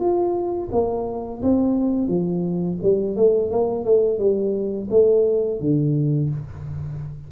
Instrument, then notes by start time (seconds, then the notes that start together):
tuba
0.00 F4
0.72 A#3
1.42 C4
2.08 F3
2.83 G3
3.16 A3
3.51 A#3
3.85 A3
4.19 G3
4.91 A3
5.60 D3